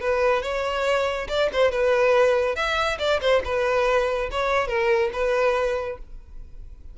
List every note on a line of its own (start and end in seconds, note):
0.00 0.42 B4
0.42 1.27 C#5
1.28 1.49 D5
1.52 1.71 C5
1.71 2.55 B4
2.55 2.98 E5
2.99 3.20 D5
3.21 3.42 C5
3.44 4.29 B4
4.31 4.67 C#5
4.67 5.10 A#4
5.13 5.98 B4